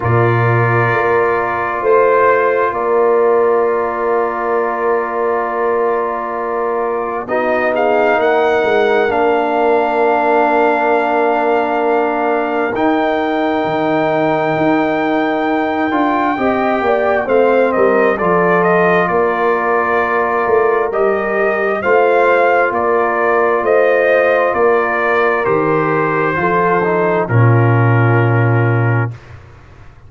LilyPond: <<
  \new Staff \with { instrumentName = "trumpet" } { \time 4/4 \tempo 4 = 66 d''2 c''4 d''4~ | d''1 | dis''8 f''8 fis''4 f''2~ | f''2 g''2~ |
g''2. f''8 dis''8 | d''8 dis''8 d''2 dis''4 | f''4 d''4 dis''4 d''4 | c''2 ais'2 | }
  \new Staff \with { instrumentName = "horn" } { \time 4/4 ais'2 c''4 ais'4~ | ais'1 | fis'8 gis'8 ais'2.~ | ais'1~ |
ais'2 dis''8 d''8 c''8 ais'8 | a'4 ais'2. | c''4 ais'4 c''4 ais'4~ | ais'4 a'4 f'2 | }
  \new Staff \with { instrumentName = "trombone" } { \time 4/4 f'1~ | f'1 | dis'2 d'2~ | d'2 dis'2~ |
dis'4. f'8 g'4 c'4 | f'2. g'4 | f'1 | g'4 f'8 dis'8 cis'2 | }
  \new Staff \with { instrumentName = "tuba" } { \time 4/4 ais,4 ais4 a4 ais4~ | ais1 | b4 ais8 gis8 ais2~ | ais2 dis'4 dis4 |
dis'4. d'8 c'8 ais8 a8 g8 | f4 ais4. a8 g4 | a4 ais4 a4 ais4 | dis4 f4 ais,2 | }
>>